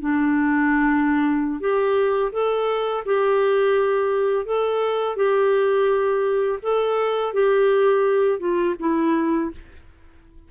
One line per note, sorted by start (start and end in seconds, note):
0.00 1.60 D4
1.60 2.31 G4
2.32 3.03 A4
3.05 4.45 G4
4.45 5.16 A4
5.16 6.59 G4
6.62 7.33 A4
7.33 8.39 G4
8.39 8.75 F4
8.79 9.51 E4